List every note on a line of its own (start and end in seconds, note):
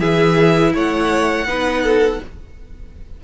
0.00 0.74 E3
0.00 1.46 E4
0.00 0.74 G#4
0.00 0.73 E5
0.74 1.46 A3
0.74 1.48 C#5
0.74 2.24 F#5
1.46 2.19 B3
1.46 2.21 D#4
1.46 1.83 B4
1.83 2.20 A4